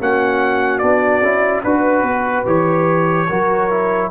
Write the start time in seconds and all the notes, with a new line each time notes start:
0.00 A#3 C#4 F#4 F#5
0.78 B3 D4 D5
1.22 C#4 E4
1.64 D4 F#4 B4
2.03 B3
2.45 E3 G4 C#5
3.28 F#3 F#4 A#4
3.70 E4